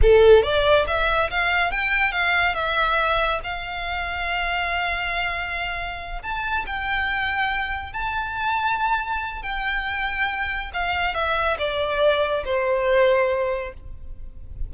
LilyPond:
\new Staff \with { instrumentName = "violin" } { \time 4/4 \tempo 4 = 140 a'4 d''4 e''4 f''4 | g''4 f''4 e''2 | f''1~ | f''2~ f''8 a''4 g''8~ |
g''2~ g''8 a''4.~ | a''2 g''2~ | g''4 f''4 e''4 d''4~ | d''4 c''2. | }